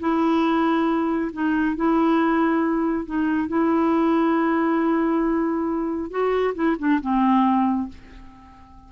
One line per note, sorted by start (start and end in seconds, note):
0.00 1.31 E4
1.33 1.76 D#4
1.76 3.06 E4
3.06 3.48 D#4
3.48 6.10 E4
6.10 6.54 F#4
6.55 6.77 E4
6.79 7.01 D4
7.01 7.89 C4